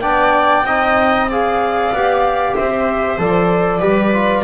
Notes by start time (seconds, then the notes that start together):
0.00 B3 D4 D5 G5
0.64 C4 D#4 D#5
1.28 G#4 D5 F5
1.92 B3 G4
2.55 C4 C5 E5
3.18 F3 A4 D5
3.80 G3 G4 B4
4.13 F4